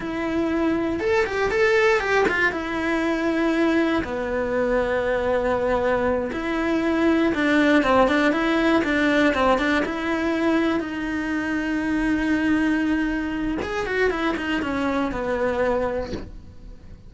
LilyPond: \new Staff \with { instrumentName = "cello" } { \time 4/4 \tempo 4 = 119 e'2 a'8 g'8 a'4 | g'8 f'8 e'2. | b1~ | b8 e'2 d'4 c'8 |
d'8 e'4 d'4 c'8 d'8 e'8~ | e'4. dis'2~ dis'8~ | dis'2. gis'8 fis'8 | e'8 dis'8 cis'4 b2 | }